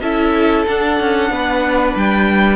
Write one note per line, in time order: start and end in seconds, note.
0.00 0.66 C#4
0.00 0.67 E4
0.00 1.31 A4
0.00 0.65 E5
0.67 1.00 D4
0.67 2.56 D4
0.67 1.96 F#5
1.00 1.30 C#4
1.30 1.94 B3
1.30 2.56 B4
1.96 2.56 G3
1.96 2.56 G5